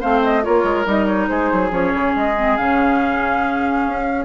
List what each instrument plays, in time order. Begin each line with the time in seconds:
0.00 bassoon A3, clarinet C4, oboe C5, flute F5
0.23 flute D#5
0.43 bassoon A#3, clarinet F4, oboe A#4, flute C#5
0.64 bassoon G#3
0.85 bassoon G3, clarinet D#4, flute D#5
1.06 flute C#5
1.28 bassoon G#3, oboe G#4, flute C5
1.52 bassoon F#3
1.70 bassoon F3, clarinet C#4, flute C#5
1.94 bassoon C#3
2.16 bassoon G#3, flute D#5
2.36 clarinet C4
2.57 bassoon C#3, clarinet C#4, flute F5
3.87 bassoon C#4